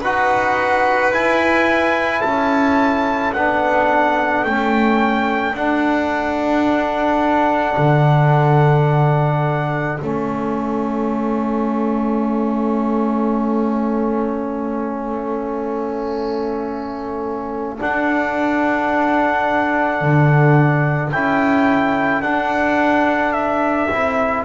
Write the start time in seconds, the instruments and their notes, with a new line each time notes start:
0.00 double bass D#4, trombone F#4, violin B4, trumpet F#5
1.11 double bass E4, trombone E4, trumpet G#5
2.22 double bass C#4, violin A4, trumpet A5
3.33 double bass B3, trombone D4, trumpet F#5
4.44 double bass A3, trombone C#4, trumpet G5
5.53 double bass D4, trombone D4, trumpet F#5
7.77 double bass D3
10.00 double bass A3, trombone C#4, trumpet E5
17.78 trombone D4, double bass D4, trumpet F#5
20.01 double bass D3
21.12 double bass C#4, trombone E4, trumpet G5
22.21 double bass D4, trombone D4, trumpet F#5
23.32 trumpet E5
23.91 double bass C4, trombone E4